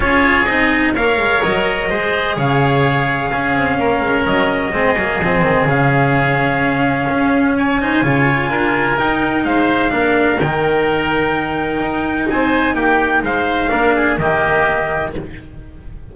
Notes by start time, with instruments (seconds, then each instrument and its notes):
0.00 double bass C#4, cello F4, oboe G#4, trumpet C#5
0.45 double bass C4, cello D#4, trumpet D#5
0.94 double bass A#3, cello A#4, oboe C#5, trumpet F5
1.17 double bass G#3
1.43 double bass F#3, trumpet D#5
1.89 double bass G#3, cello G#4, oboe C5
2.36 double bass C#3, oboe C#5, trumpet F5
3.30 double bass C#4, cello C#4, oboe G#4
3.55 double bass C4
3.77 double bass A#3, oboe A#4
4.01 double bass G#3
4.25 double bass F#3, trumpet D#5
4.73 double bass G#3, cello C4, oboe G#4
4.95 double bass F#3, cello A#3
5.20 double bass F3, cello C4
5.41 double bass D#3
5.64 double bass C#3, cello C#4, trumpet F5
7.10 double bass C#4
7.57 oboe C#5, trumpet G#5
7.80 cello D#4, oboe C5
8.02 double bass C#3, cello F4, oboe C#5
8.49 double bass D4, oboe A#4
8.97 cello D#4, double bass D#4, trumpet G5
9.44 double bass G#3, oboe C5, trumpet F5
9.90 double bass A#3, cello D4, oboe A#4
10.39 double bass D#3, cello D#4, trumpet G5
11.79 double bass D#4
12.29 double bass C4, oboe C5, trumpet G#5
12.74 double bass A#3, oboe G4, trumpet G5
13.22 double bass G#3, oboe C5, trumpet F5
13.69 double bass A#3, cello D4, oboe A#4
13.95 oboe G#4
14.18 double bass D#3, cello A#3, oboe G4, trumpet D#5